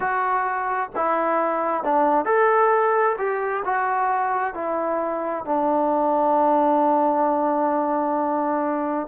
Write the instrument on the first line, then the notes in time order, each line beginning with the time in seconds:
trombone
0.00 F#4
0.95 E4
1.83 D4
2.25 A4
3.17 G4
3.64 F#4
4.54 E4
5.45 D4